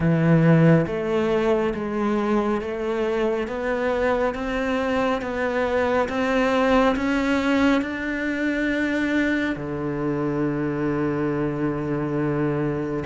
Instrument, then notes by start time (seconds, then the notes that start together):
cello
0.00 E3
0.87 A3
1.74 G#3
2.61 A3
3.47 B3
4.34 C4
5.21 B3
6.08 C4
6.96 C#4
7.81 D4
9.56 D3